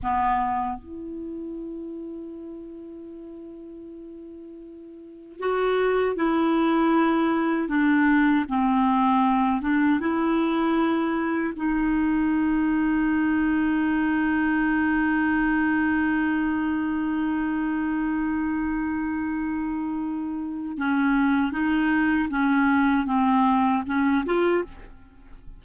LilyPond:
\new Staff \with { instrumentName = "clarinet" } { \time 4/4 \tempo 4 = 78 b4 e'2.~ | e'2. fis'4 | e'2 d'4 c'4~ | c'8 d'8 e'2 dis'4~ |
dis'1~ | dis'1~ | dis'2. cis'4 | dis'4 cis'4 c'4 cis'8 f'8 | }